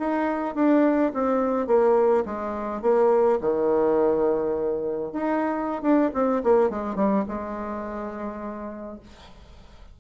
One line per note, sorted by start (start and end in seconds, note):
0.00 0.56 D#4
0.56 1.13 D4
1.14 1.68 C4
1.68 2.25 A#3
2.26 2.82 G#3
2.82 3.39 A#3
3.42 5.13 D#3
5.13 5.83 D#4
5.83 6.11 D4
6.14 6.43 C4
6.44 6.70 A#3
6.70 6.96 G#3
6.96 7.24 G3
7.29 9.00 G#3